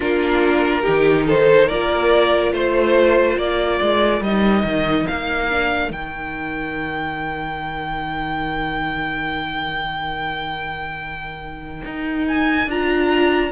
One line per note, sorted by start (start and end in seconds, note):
0.00 0.85 A#3
0.00 0.84 D4
0.00 0.81 F4
0.00 1.27 A#4
0.81 1.69 D#4
0.81 1.24 G4
0.87 1.71 D#3
1.26 1.67 A4
1.26 1.68 C5
1.67 2.52 A#3
1.67 4.24 F4
1.67 2.51 A#4
1.67 2.52 D5
2.52 3.37 A3
2.52 3.35 C5
2.52 3.38 C5
3.35 3.79 A#3
3.35 13.49 A#4
3.35 4.23 D5
3.81 4.20 G#3
4.20 4.63 G3
4.20 5.50 D#4
4.20 5.07 D#5
4.63 5.06 D#3
5.07 5.90 A#3
5.07 5.91 F5
5.50 5.91 D4
5.90 11.82 D#3
5.90 12.67 D#4
5.90 12.25 G5
11.85 12.66 D#4
12.28 12.70 G#5
12.66 13.51 D4
12.66 13.51 F4
12.66 13.51 A#5